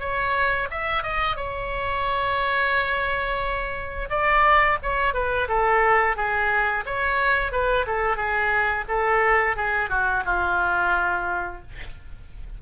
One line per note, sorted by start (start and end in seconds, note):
0.00 0.68 C#5
0.71 1.03 E5
1.03 1.36 D#5
1.36 4.09 C#5
4.10 4.78 D5
4.83 5.14 C#5
5.14 5.48 B4
5.48 6.16 A4
6.16 6.84 G#4
6.86 7.52 C#5
7.52 7.86 B4
7.87 8.17 A4
8.17 8.85 G#4
8.89 9.56 A4
9.56 9.89 G#4
9.89 10.23 F#4
10.25 11.62 F4